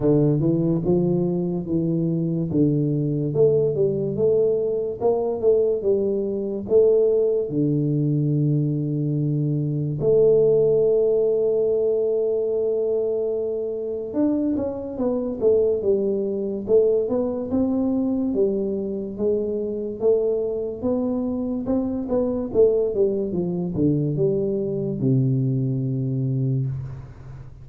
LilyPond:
\new Staff \with { instrumentName = "tuba" } { \time 4/4 \tempo 4 = 72 d8 e8 f4 e4 d4 | a8 g8 a4 ais8 a8 g4 | a4 d2. | a1~ |
a4 d'8 cis'8 b8 a8 g4 | a8 b8 c'4 g4 gis4 | a4 b4 c'8 b8 a8 g8 | f8 d8 g4 c2 | }